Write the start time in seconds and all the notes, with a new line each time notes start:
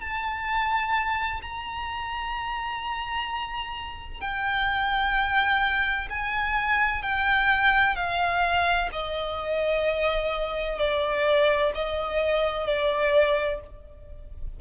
0.00 A5
1.41 A#5
4.20 G5
6.09 G#5
7.02 G5
7.95 F5
8.92 D#5
10.78 D5
11.74 D#5
12.66 D5